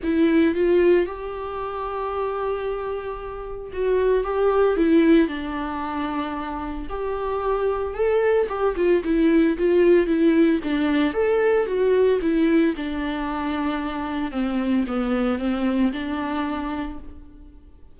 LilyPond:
\new Staff \with { instrumentName = "viola" } { \time 4/4 \tempo 4 = 113 e'4 f'4 g'2~ | g'2. fis'4 | g'4 e'4 d'2~ | d'4 g'2 a'4 |
g'8 f'8 e'4 f'4 e'4 | d'4 a'4 fis'4 e'4 | d'2. c'4 | b4 c'4 d'2 | }